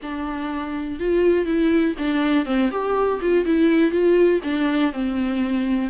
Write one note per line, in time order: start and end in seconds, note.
0.02 0.99 D4
0.99 1.45 F4
1.45 1.94 E4
1.98 2.45 D4
2.45 2.70 C4
2.71 3.20 G4
3.21 3.45 F4
3.45 3.91 E4
3.91 4.40 F4
4.43 4.92 D4
4.92 5.90 C4